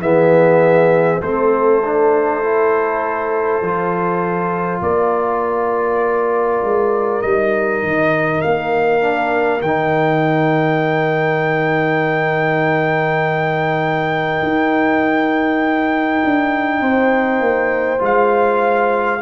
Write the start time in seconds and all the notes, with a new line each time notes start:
0.00 E3 B3 G#4 E5
1.21 A3 C4 A4 C5
1.83 D4
2.42 E4
3.61 F3 F4
4.81 A#3 A#4 D5
6.62 G#3
7.21 G3 D#4 D#5
7.83 D#3
8.41 A#3 F5
9.00 D4
9.61 D#3 D#4 G5
14.43 D#4
16.23 D4
16.80 C4 C5
17.40 A#3
17.98 G#3 F4 F5